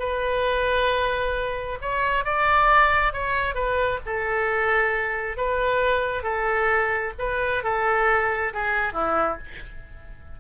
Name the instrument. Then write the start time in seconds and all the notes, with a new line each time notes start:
oboe
0.00 B4
1.82 C#5
2.25 D5
3.13 C#5
3.55 B4
4.06 A4
5.38 B4
6.23 A4
7.19 B4
7.64 A4
8.54 G#4
8.93 E4